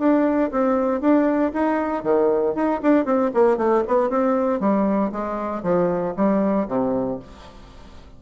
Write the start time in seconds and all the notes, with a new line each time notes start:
0.00 D4
0.52 C4
1.01 D4
1.54 D#4
2.04 D#3
2.55 D#4
2.83 D4
3.06 C4
3.34 A#3
3.58 A3
3.88 B3
4.10 C4
4.61 G3
5.13 G#3
5.63 F3
6.17 G3
6.69 C3